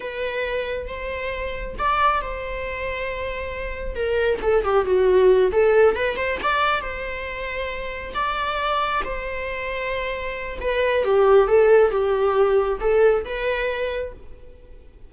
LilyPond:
\new Staff \with { instrumentName = "viola" } { \time 4/4 \tempo 4 = 136 b'2 c''2 | d''4 c''2.~ | c''4 ais'4 a'8 g'8 fis'4~ | fis'8 a'4 b'8 c''8 d''4 c''8~ |
c''2~ c''8 d''4.~ | d''8 c''2.~ c''8 | b'4 g'4 a'4 g'4~ | g'4 a'4 b'2 | }